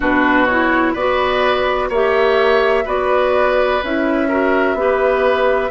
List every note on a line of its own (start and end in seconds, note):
0.00 0.94 B2
0.00 0.47 D4
0.00 0.93 F#4
0.00 0.46 B4
0.46 0.97 E4
0.46 0.93 C#5
0.93 1.89 B3
0.93 1.92 F#4
0.93 1.88 B4
0.93 1.89 D5
1.89 2.84 A#3
1.89 2.85 G4
1.89 2.84 C#5
1.89 2.87 E5
2.84 3.81 B3
2.84 3.80 F#4
2.84 4.27 B4
2.84 3.83 D5
3.83 4.74 C#4
3.83 4.29 E4
3.83 5.70 E5
4.28 4.76 F#4
4.28 4.76 A#4
4.74 5.69 B3
4.74 5.70 G4
4.80 5.70 B4